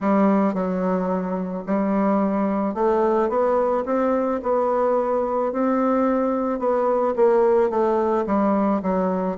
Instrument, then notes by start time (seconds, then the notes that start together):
bassoon
0.01 G3
0.54 F#3
1.66 G3
2.74 A3
3.29 B3
3.85 C4
4.42 B3
5.52 C4
6.59 B3
7.16 A#3
7.69 A3
8.26 G3
8.82 F#3